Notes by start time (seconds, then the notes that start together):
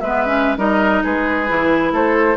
0.00 G#3 B3 B4 E5
0.26 C#4
0.57 G3 D#4 A#4 D#5
1.03 G#3 G#4 B4
1.48 E3 E4
1.92 A3 A4 C5